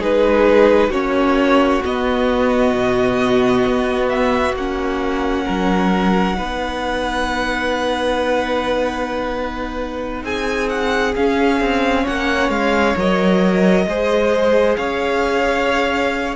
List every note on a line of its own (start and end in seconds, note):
0.00 0.89 G#3
0.00 0.91 D#4
0.00 0.90 G#4
0.00 0.92 B4
0.89 1.80 A#3
0.89 1.83 C#4
0.89 5.45 F#4
0.89 1.83 C#5
1.84 4.57 B3
1.84 2.74 B3
1.84 4.09 D#5
2.74 3.65 B2
3.67 4.55 B3
4.09 4.55 E5
4.55 5.45 A#3
4.55 6.34 C#4
4.55 10.25 F#5
5.45 6.39 F#3
5.45 6.36 A#4
6.34 10.23 B3
6.34 11.11 D#4
6.34 10.24 B4
10.23 11.14 C4
10.23 12.03 G#4
10.23 10.69 G#5
10.69 11.14 F#5
11.16 12.98 C#4
11.16 11.60 C#4
11.16 12.07 F5
11.60 12.06 C4
12.03 12.49 A#3
12.03 13.84 C#5
12.03 12.50 F#5
12.49 12.95 G#3
12.49 12.96 F5
12.96 13.86 F#3
12.96 13.88 A#4
12.96 14.76 D#5
13.86 14.77 G#3
13.86 16.36 G#4
13.86 14.78 C5
14.76 16.36 C#4
14.76 16.36 C#5
14.76 16.35 F5